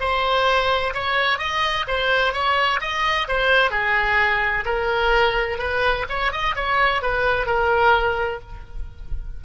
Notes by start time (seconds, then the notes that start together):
0.00 C5
0.94 C#5
1.38 D#5
1.87 C5
2.33 C#5
2.81 D#5
3.28 C5
3.71 G#4
4.65 A#4
5.58 B4
6.09 C#5
6.32 D#5
6.55 C#5
7.02 B4
7.47 A#4